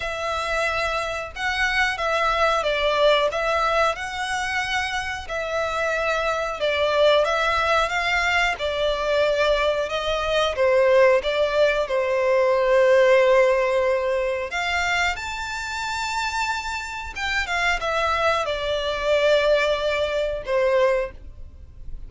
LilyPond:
\new Staff \with { instrumentName = "violin" } { \time 4/4 \tempo 4 = 91 e''2 fis''4 e''4 | d''4 e''4 fis''2 | e''2 d''4 e''4 | f''4 d''2 dis''4 |
c''4 d''4 c''2~ | c''2 f''4 a''4~ | a''2 g''8 f''8 e''4 | d''2. c''4 | }